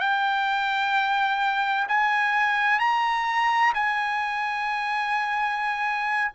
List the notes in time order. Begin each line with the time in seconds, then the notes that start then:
0.00 G5
1.89 G#5
2.80 A#5
3.75 G#5